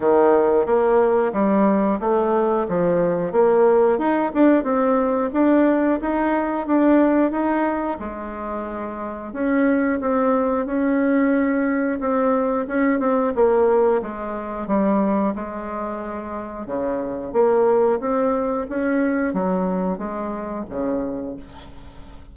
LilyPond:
\new Staff \with { instrumentName = "bassoon" } { \time 4/4 \tempo 4 = 90 dis4 ais4 g4 a4 | f4 ais4 dis'8 d'8 c'4 | d'4 dis'4 d'4 dis'4 | gis2 cis'4 c'4 |
cis'2 c'4 cis'8 c'8 | ais4 gis4 g4 gis4~ | gis4 cis4 ais4 c'4 | cis'4 fis4 gis4 cis4 | }